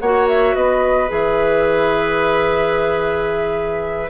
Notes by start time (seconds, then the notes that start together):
0.00 A#3 F#4 C#5 F#5
0.28 E5
0.55 B3 B4 D#5
1.08 E3 G#4 E5